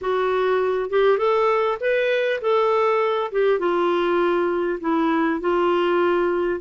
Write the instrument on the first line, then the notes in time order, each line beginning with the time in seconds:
clarinet
0.01 F#4
0.90 G4
1.18 A4
1.80 B4
2.41 A4
3.31 G4
3.59 F4
4.80 E4
5.40 F4